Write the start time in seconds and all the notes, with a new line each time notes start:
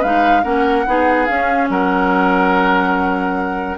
0.00 G#3 D#4 B4 F5
0.43 A#3 C#4 A#4 F#5
0.86 B3 D#4 G#4
1.25 C#4 F5
1.69 F#3 A#4 F#5